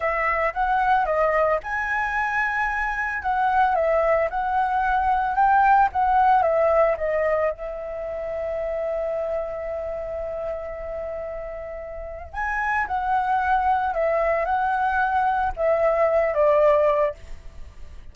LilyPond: \new Staff \with { instrumentName = "flute" } { \time 4/4 \tempo 4 = 112 e''4 fis''4 dis''4 gis''4~ | gis''2 fis''4 e''4 | fis''2 g''4 fis''4 | e''4 dis''4 e''2~ |
e''1~ | e''2. gis''4 | fis''2 e''4 fis''4~ | fis''4 e''4. d''4. | }